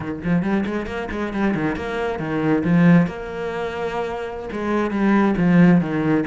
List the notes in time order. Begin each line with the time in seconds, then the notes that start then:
0.00 D#3
0.23 F3
0.42 G3
0.65 G#3
0.86 A#3
1.11 G#3
1.33 G3
1.54 D#3
1.75 A#3
2.19 D#3
2.63 F3
3.07 A#3
4.52 G#3
4.91 G3
5.37 F3
5.80 D#3